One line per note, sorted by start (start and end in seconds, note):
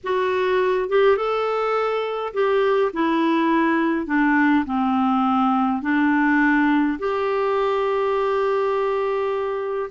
0.03 0.89 F#4
0.89 1.16 G4
1.16 2.33 A4
2.33 2.91 G4
2.93 4.06 E4
4.06 4.64 D4
4.65 5.81 C4
5.82 6.98 D4
6.98 9.90 G4